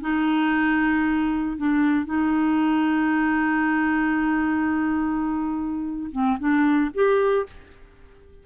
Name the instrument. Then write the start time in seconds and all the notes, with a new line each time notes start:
clarinet
0.00 D#4
1.57 D4
2.05 D#4
6.11 C4
6.38 D4
6.94 G4